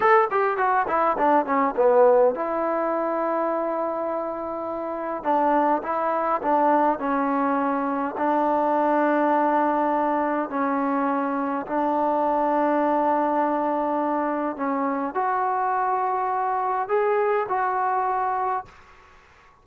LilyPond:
\new Staff \with { instrumentName = "trombone" } { \time 4/4 \tempo 4 = 103 a'8 g'8 fis'8 e'8 d'8 cis'8 b4 | e'1~ | e'4 d'4 e'4 d'4 | cis'2 d'2~ |
d'2 cis'2 | d'1~ | d'4 cis'4 fis'2~ | fis'4 gis'4 fis'2 | }